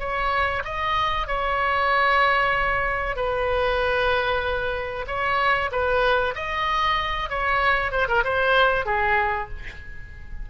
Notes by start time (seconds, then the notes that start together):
0.00 C#5
0.65 D#5
1.27 C#5
3.17 B4
5.08 C#5
5.72 B4
6.36 D#5
7.30 C#5
7.92 C5
8.08 A#4
8.24 C5
8.86 G#4